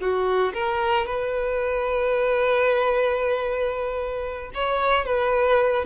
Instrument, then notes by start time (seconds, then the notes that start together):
violin
0.00 F#4
0.53 A#4
1.06 B4
4.54 C#5
5.05 B4